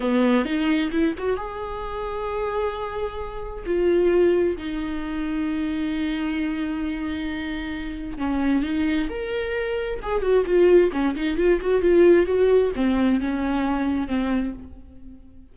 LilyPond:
\new Staff \with { instrumentName = "viola" } { \time 4/4 \tempo 4 = 132 b4 dis'4 e'8 fis'8 gis'4~ | gis'1 | f'2 dis'2~ | dis'1~ |
dis'2 cis'4 dis'4 | ais'2 gis'8 fis'8 f'4 | cis'8 dis'8 f'8 fis'8 f'4 fis'4 | c'4 cis'2 c'4 | }